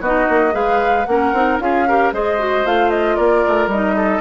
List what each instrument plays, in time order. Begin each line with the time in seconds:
0.00 bassoon B3, clarinet D#4, oboe F#4, flute D#5
0.29 bassoon A#3
0.51 bassoon G#3, clarinet G#4, oboe B4, flute F5
1.05 bassoon A#3, clarinet C#4, flute F#5
1.11 oboe A#4
1.33 bassoon C4, clarinet D#4
1.59 bassoon C#4, clarinet F4, oboe G#4, flute F5
1.88 clarinet G4, oboe A#4
2.12 bassoon G#3, clarinet G#4, oboe C5, flute D#5
2.38 clarinet F#4
2.65 bassoon A3, clarinet F4, flute F5
2.90 flute D#5
3.16 bassoon A#3, oboe A#4, flute D5
3.47 bassoon A3
3.67 bassoon G3, flute D#5
3.73 clarinet D#4
3.96 oboe A4